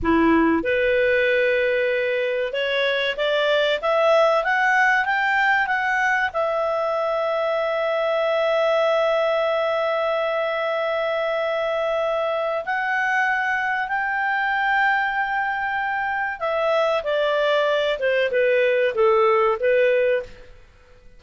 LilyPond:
\new Staff \with { instrumentName = "clarinet" } { \time 4/4 \tempo 4 = 95 e'4 b'2. | cis''4 d''4 e''4 fis''4 | g''4 fis''4 e''2~ | e''1~ |
e''1 | fis''2 g''2~ | g''2 e''4 d''4~ | d''8 c''8 b'4 a'4 b'4 | }